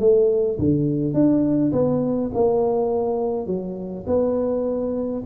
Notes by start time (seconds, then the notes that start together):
0.00 A3
0.59 D3
1.14 D4
1.72 B3
2.34 A#3
3.47 F#3
4.07 B3